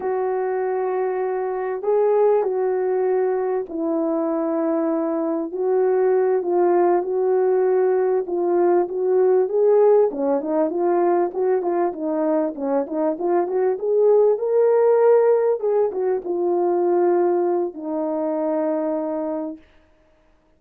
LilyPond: \new Staff \with { instrumentName = "horn" } { \time 4/4 \tempo 4 = 98 fis'2. gis'4 | fis'2 e'2~ | e'4 fis'4. f'4 fis'8~ | fis'4. f'4 fis'4 gis'8~ |
gis'8 cis'8 dis'8 f'4 fis'8 f'8 dis'8~ | dis'8 cis'8 dis'8 f'8 fis'8 gis'4 ais'8~ | ais'4. gis'8 fis'8 f'4.~ | f'4 dis'2. | }